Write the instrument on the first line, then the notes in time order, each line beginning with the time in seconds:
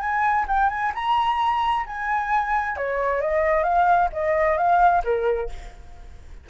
flute
0.00 G#5
0.48 G5
0.70 G#5
0.95 A#5
1.86 G#5
2.77 C#5
3.21 D#5
3.64 F5
4.13 D#5
4.57 F5
5.04 A#4